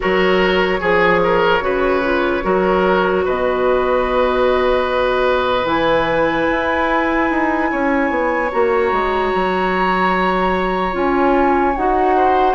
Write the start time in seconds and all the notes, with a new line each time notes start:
0.00 F#3 F#4 A#4 C#5
0.80 F3 G#4
1.23 A#4
1.60 C#3 F#4 B4
2.03 F4
2.42 F#3 F#4 A#4
3.24 B2 B4 D#5
5.65 E3 E4 G#5
6.49 E4
7.30 D#4
7.71 C#4 C#5
8.09 B3
8.51 A#3 F#4 A#5
8.91 G#3
9.34 F#3
10.92 C#4 F4 G#5
11.76 D#4 F#4 F#5
12.16 C5